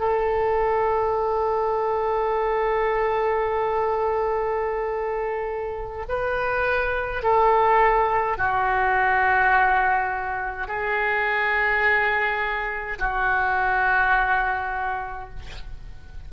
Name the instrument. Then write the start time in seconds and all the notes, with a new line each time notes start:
oboe
0.00 A4
6.09 B4
7.23 A4
8.38 F#4
10.68 G#4
12.99 F#4